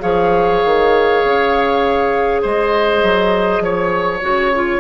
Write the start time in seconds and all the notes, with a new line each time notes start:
0.00 F3 G#4 C#5 F5
0.65 D#3
1.25 C#3
2.42 G#3 C5 D#5
3.03 F#3
3.60 F3 C#5
4.21 C#3 F#4
4.55 F4